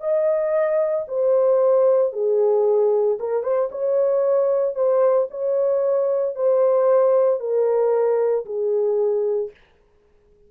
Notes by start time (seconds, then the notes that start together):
0.00 D#5
1.08 C5
2.13 G#4
3.19 A#4
3.43 C5
3.71 C#5
4.75 C5
5.31 C#5
6.35 C5
7.40 A#4
8.45 G#4